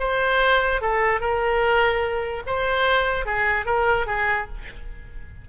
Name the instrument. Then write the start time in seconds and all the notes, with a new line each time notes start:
oboe
0.00 C5
0.82 A4
1.21 A#4
2.47 C5
3.26 G#4
3.66 A#4
4.07 G#4